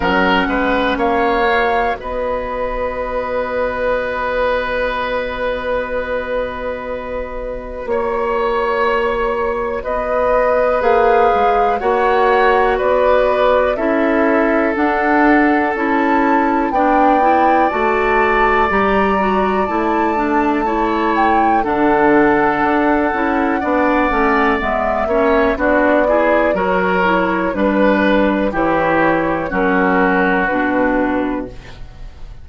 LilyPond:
<<
  \new Staff \with { instrumentName = "flute" } { \time 4/4 \tempo 4 = 61 fis''4 f''4 dis''2~ | dis''1 | cis''2 dis''4 f''4 | fis''4 d''4 e''4 fis''4 |
a''4 g''4 a''4 ais''4 | a''4. g''8 fis''2~ | fis''4 e''4 d''4 cis''4 | b'4 cis''4 ais'4 b'4 | }
  \new Staff \with { instrumentName = "oboe" } { \time 4/4 ais'8 b'8 cis''4 b'2~ | b'1 | cis''2 b'2 | cis''4 b'4 a'2~ |
a'4 d''2.~ | d''4 cis''4 a'2 | d''4. cis''8 fis'8 gis'8 ais'4 | b'4 g'4 fis'2 | }
  \new Staff \with { instrumentName = "clarinet" } { \time 4/4 cis'4. fis'2~ fis'8~ | fis'1~ | fis'2. gis'4 | fis'2 e'4 d'4 |
e'4 d'8 e'8 fis'4 g'8 fis'8 | e'8 d'8 e'4 d'4. e'8 | d'8 cis'8 b8 cis'8 d'8 e'8 fis'8 e'8 | d'4 e'4 cis'4 d'4 | }
  \new Staff \with { instrumentName = "bassoon" } { \time 4/4 fis8 gis8 ais4 b2~ | b1 | ais2 b4 ais8 gis8 | ais4 b4 cis'4 d'4 |
cis'4 b4 a4 g4 | a2 d4 d'8 cis'8 | b8 a8 gis8 ais8 b4 fis4 | g4 e4 fis4 b,4 | }
>>